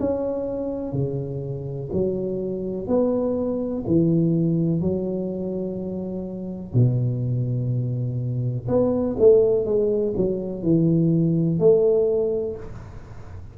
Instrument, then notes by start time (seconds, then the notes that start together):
tuba
0.00 C#4
0.92 C#3
1.93 F#3
2.88 B3
3.87 E3
4.81 F#3
6.74 B2
8.68 B3
9.19 A3
9.66 G#3
10.17 F#3
10.63 E3
11.60 A3